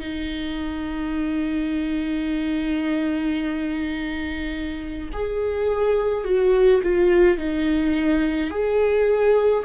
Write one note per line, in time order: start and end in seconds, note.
0.00 5.09 D#4
5.13 6.24 G#4
6.24 6.81 F#4
6.83 7.37 F4
7.37 8.50 D#4
8.50 9.63 G#4